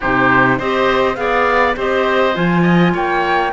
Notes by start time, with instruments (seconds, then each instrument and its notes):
0.00 cello C3, clarinet D#4, oboe G4, flute C5
0.58 cello C4, clarinet G4, oboe C5, flute D#5
1.15 cello B3, clarinet G#4, oboe D5, flute F5
1.76 cello C4, clarinet G4, oboe C5, flute D#5
2.33 cello F3, clarinet F4, flute G#5
2.62 oboe D#5
2.93 cello A#3, oboe C#5, flute G5